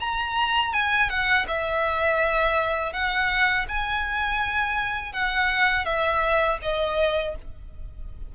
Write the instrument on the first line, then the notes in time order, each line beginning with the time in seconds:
violin
0.00 A#5
0.73 G#5
1.09 F#5
1.48 E5
2.93 F#5
3.69 G#5
5.13 F#5
5.85 E5
6.62 D#5